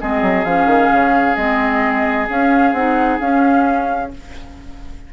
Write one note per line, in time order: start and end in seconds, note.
0.00 0.21 G#3
0.00 0.45 C4
0.00 4.13 G#4
0.00 0.44 D#5
0.21 0.44 F#3
0.44 0.65 F3
0.44 1.36 C#4
0.44 1.35 F5
0.65 0.88 D#3
0.91 1.36 C#3
1.35 2.28 G#3
1.35 2.28 C4
1.35 2.27 D#5
2.29 2.72 C#4
2.29 2.75 C#4
2.29 2.73 F5
2.72 3.18 C4
2.72 3.20 D#4
2.72 3.19 F#5
3.19 4.11 C#4
3.19 4.12 C#4
3.19 4.11 F5